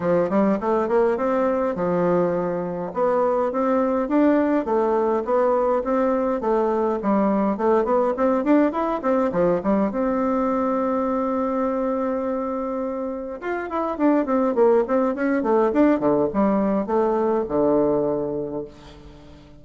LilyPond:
\new Staff \with { instrumentName = "bassoon" } { \time 4/4 \tempo 4 = 103 f8 g8 a8 ais8 c'4 f4~ | f4 b4 c'4 d'4 | a4 b4 c'4 a4 | g4 a8 b8 c'8 d'8 e'8 c'8 |
f8 g8 c'2.~ | c'2. f'8 e'8 | d'8 c'8 ais8 c'8 cis'8 a8 d'8 d8 | g4 a4 d2 | }